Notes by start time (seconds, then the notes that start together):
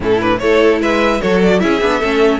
0.00 A2 C#4 E4 A4
0.21 D4 B4
0.38 A3 E4 A4 C#5
0.80 G#3 B4 E5
1.20 F#3 F#4 A4 C#5
1.42 D5
1.59 C#4 E4 G#4 E5
1.81 B3 D4
1.99 A3 C#4 A4